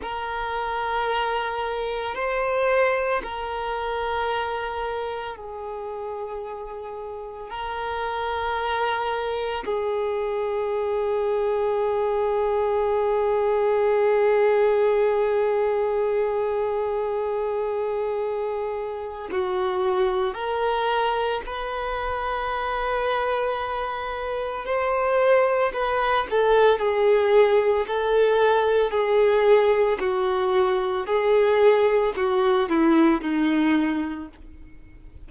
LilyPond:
\new Staff \with { instrumentName = "violin" } { \time 4/4 \tempo 4 = 56 ais'2 c''4 ais'4~ | ais'4 gis'2 ais'4~ | ais'4 gis'2.~ | gis'1~ |
gis'2 fis'4 ais'4 | b'2. c''4 | b'8 a'8 gis'4 a'4 gis'4 | fis'4 gis'4 fis'8 e'8 dis'4 | }